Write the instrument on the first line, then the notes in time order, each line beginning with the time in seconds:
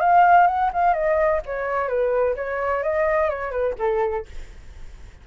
flute
0.00 F5
0.47 F#5
0.73 F5
0.93 D#5
1.46 C#5
1.88 B4
2.36 C#5
2.83 D#5
3.29 C#5
3.51 B4
3.79 A4